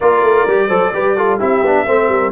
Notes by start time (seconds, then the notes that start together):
0.00 A#3 F4 A#4 D5
0.22 A3
0.46 G3 G4
0.67 F#3 A4 C5
0.93 G3 G4 B4
1.16 F4 A4
1.38 C4 E4 G4 E5
1.61 B3 D4
1.85 A3 C4 C5
2.08 G3 A#4